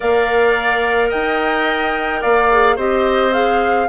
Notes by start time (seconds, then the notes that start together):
0.00 A#3 A#4 D5 F5
1.09 D#4 D#5 G5
2.21 A#3 D5 F5
2.50 G#4
2.76 C4 G4 C5 D#5
3.31 G#4 F5